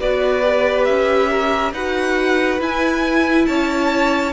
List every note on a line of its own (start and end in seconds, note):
0.00 0.88 B3
0.00 0.42 F#4
0.00 1.30 B4
0.00 0.85 D5
0.42 1.72 G4
0.85 1.73 C#4
0.85 1.72 E5
1.30 1.74 A#4
1.73 2.60 D#4
1.73 2.60 F#4
1.73 3.48 B4
1.73 2.61 F#5
2.60 4.33 E4
2.60 3.47 E4
2.60 3.46 G#5
3.46 4.33 C#4
3.46 4.33 C#5
3.46 4.33 A5